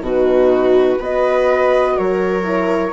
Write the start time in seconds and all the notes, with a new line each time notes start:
0.00 B2 D#4 F#4
0.07 B4
0.99 B3 F#4 B4 D#5
1.97 F#3 A#4 C#5
2.43 E4